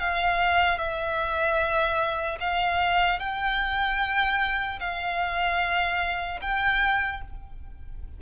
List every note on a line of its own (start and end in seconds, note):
0.00 0.78 F5
0.78 2.38 E5
2.40 3.20 F5
3.20 4.80 G5
4.80 6.40 F5
6.42 7.22 G5